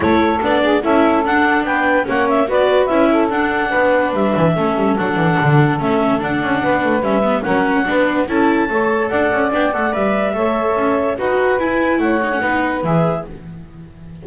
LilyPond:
<<
  \new Staff \with { instrumentName = "clarinet" } { \time 4/4 \tempo 4 = 145 cis''4 d''4 e''4 fis''4 | g''4 fis''8 e''8 d''4 e''4 | fis''2 e''2 | fis''2 e''4 fis''4~ |
fis''4 e''4 fis''2 | a''2 fis''4 g''8 fis''8 | e''2. fis''4 | gis''4 fis''2 e''4 | }
  \new Staff \with { instrumentName = "saxophone" } { \time 4/4 a'4. gis'8 a'2 | b'4 cis''4 b'4. a'8~ | a'4 b'2 a'4~ | a'1 |
b'2 ais'4 b'4 | a'4 cis''4 d''2~ | d''4 cis''2 b'4~ | b'4 cis''4 b'2 | }
  \new Staff \with { instrumentName = "viola" } { \time 4/4 e'4 d'4 e'4 d'4~ | d'4 cis'4 fis'4 e'4 | d'2. cis'4 | d'2 cis'4 d'4~ |
d'4 cis'8 b8 cis'4 d'4 | e'4 a'2 d'8 a'8 | b'4 a'2 fis'4 | e'4. dis'16 cis'16 dis'4 gis'4 | }
  \new Staff \with { instrumentName = "double bass" } { \time 4/4 a4 b4 cis'4 d'4 | b4 ais4 b4 cis'4 | d'4 b4 g8 e8 a8 g8 | fis8 e8 d4 a4 d'8 cis'8 |
b8 a8 g4 fis4 b4 | cis'4 a4 d'8 cis'8 b8 a8 | g4 a4 cis'4 dis'4 | e'4 a4 b4 e4 | }
>>